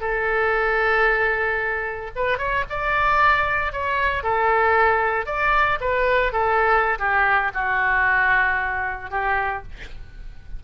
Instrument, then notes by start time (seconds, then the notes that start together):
oboe
0.00 A4
2.16 B4
2.38 C#5
2.69 D5
3.72 C#5
4.23 A4
5.26 D5
5.80 B4
6.32 A4
6.99 G4
7.54 F#4
9.10 G4